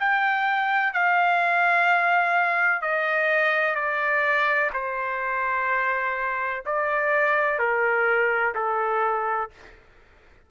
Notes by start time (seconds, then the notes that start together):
0.00 G5
0.94 F5
2.82 D#5
3.75 D5
4.74 C5
6.66 D5
7.59 A#4
8.55 A4